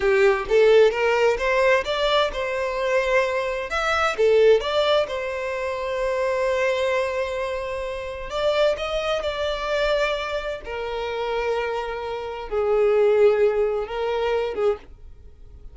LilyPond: \new Staff \with { instrumentName = "violin" } { \time 4/4 \tempo 4 = 130 g'4 a'4 ais'4 c''4 | d''4 c''2. | e''4 a'4 d''4 c''4~ | c''1~ |
c''2 d''4 dis''4 | d''2. ais'4~ | ais'2. gis'4~ | gis'2 ais'4. gis'8 | }